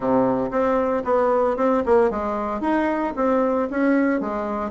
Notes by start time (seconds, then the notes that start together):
0.00 C3
0.50 C4
1.04 B3
1.56 C4
1.85 A#3
2.10 G#3
2.61 D#4
3.16 C4
3.70 C#4
4.20 G#3